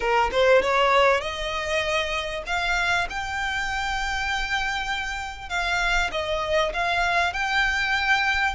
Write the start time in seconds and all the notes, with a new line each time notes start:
0.00 A#4
0.31 C5
0.62 C#5
1.21 D#5
2.46 F5
3.09 G5
5.49 F5
6.11 D#5
6.73 F5
7.33 G5